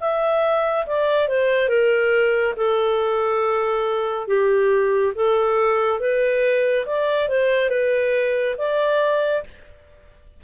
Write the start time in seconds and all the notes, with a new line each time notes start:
0.00 E5
0.86 D5
1.28 C5
1.69 A#4
2.56 A4
4.27 G4
5.15 A4
6.00 B4
6.85 D5
7.29 C5
7.69 B4
8.58 D5